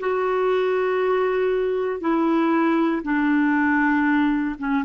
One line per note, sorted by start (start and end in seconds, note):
0.00 2.01 F#4
2.01 3.02 E4
3.03 4.56 D4
4.59 4.84 C#4